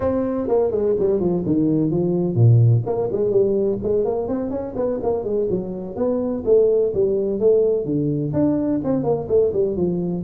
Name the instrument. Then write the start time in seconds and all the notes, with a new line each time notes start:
tuba
0.00 C4
0.48 A#3
0.71 G#3
0.99 G3
1.20 F3
1.46 D#3
1.90 F3
2.35 A#2
2.86 A#3
3.12 G#3
3.30 G3
3.82 G#3
4.05 A#3
4.28 C4
4.50 C#4
4.76 B3
5.03 A#3
5.24 G#3
5.49 F#3
5.95 B3
6.45 A3
6.94 G3
7.39 A3
7.85 D3
8.33 D4
8.84 C4
9.03 A#3
9.28 A3
9.53 G3
9.76 F3